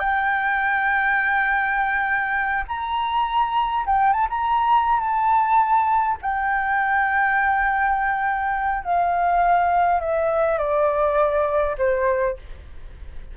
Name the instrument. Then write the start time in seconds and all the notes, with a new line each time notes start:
flute
0.00 G5
2.68 A#5
3.86 G5
4.13 A5
4.30 A#5
5.00 A5
6.22 G5
8.84 F5
10.01 E5
10.59 D5
11.78 C5